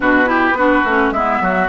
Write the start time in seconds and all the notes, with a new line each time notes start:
0.00 B2 D4 F#4 B4
0.25 E4 G4
0.52 B3 D4 F#4
0.84 A3 C#4
1.11 G#3 B3 E4 E5
1.40 F#3 F#4